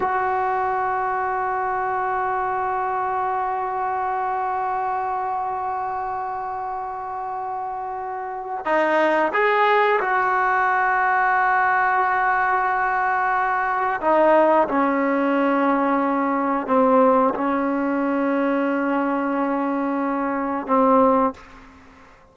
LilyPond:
\new Staff \with { instrumentName = "trombone" } { \time 4/4 \tempo 4 = 90 fis'1~ | fis'1~ | fis'1~ | fis'4 dis'4 gis'4 fis'4~ |
fis'1~ | fis'4 dis'4 cis'2~ | cis'4 c'4 cis'2~ | cis'2. c'4 | }